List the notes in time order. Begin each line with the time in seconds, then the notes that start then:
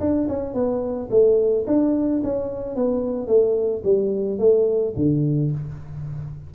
0.00 D4
0.28 C#4
0.54 B3
1.11 A3
1.67 D4
2.24 C#4
2.75 B3
3.28 A3
3.84 G3
4.39 A3
4.96 D3